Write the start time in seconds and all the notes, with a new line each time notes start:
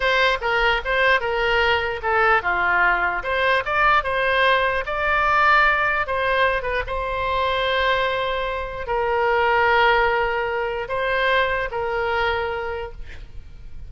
0.00 C5
0.41 A#4
0.85 C5
1.20 A#4
2.02 A4
2.42 F4
3.23 C5
3.65 D5
4.03 C5
4.85 D5
6.07 C5
6.62 B4
6.86 C5
8.86 A#4
10.88 C5
11.71 A#4